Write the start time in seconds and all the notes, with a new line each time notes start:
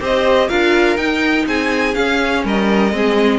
0.00 C4 G4 C5 D#5
0.48 D4 F4 A#4 F5
0.97 D#4 G5
1.46 C4 G#4 G#5
1.93 C#4 F5
2.44 G3 A#4 D#5
2.92 G#3 C4 G#4